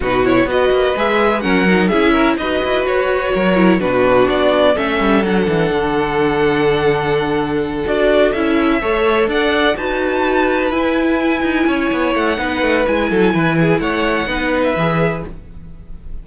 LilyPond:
<<
  \new Staff \with { instrumentName = "violin" } { \time 4/4 \tempo 4 = 126 b'8 cis''8 dis''4 e''4 fis''4 | e''4 dis''4 cis''2 | b'4 d''4 e''4 fis''4~ | fis''1~ |
fis''8 d''4 e''2 fis''8~ | fis''8 a''2 gis''4.~ | gis''4. fis''4. gis''4~ | gis''4 fis''4.~ fis''16 e''4~ e''16 | }
  \new Staff \with { instrumentName = "violin" } { \time 4/4 fis'4 b'2 ais'4 | gis'8 ais'8 b'2 ais'4 | fis'2 a'2~ | a'1~ |
a'2~ a'8 cis''4 d''8~ | d''8 b'2.~ b'8~ | b'8 cis''4. b'4. a'8 | b'8 gis'8 cis''4 b'2 | }
  \new Staff \with { instrumentName = "viola" } { \time 4/4 dis'8 e'8 fis'4 gis'4 cis'8 dis'8 | e'4 fis'2~ fis'8 e'8 | d'2 cis'4 d'4~ | d'1~ |
d'8 fis'4 e'4 a'4.~ | a'8 fis'2 e'4.~ | e'2 dis'4 e'4~ | e'2 dis'4 gis'4 | }
  \new Staff \with { instrumentName = "cello" } { \time 4/4 b,4 b8 ais8 gis4 fis4 | cis'4 dis'8 e'8 fis'4 fis4 | b,4 b4 a8 g8 fis8 e8 | d1~ |
d8 d'4 cis'4 a4 d'8~ | d'8 dis'2 e'4. | dis'8 cis'8 b8 a8 b8 a8 gis8 fis8 | e4 a4 b4 e4 | }
>>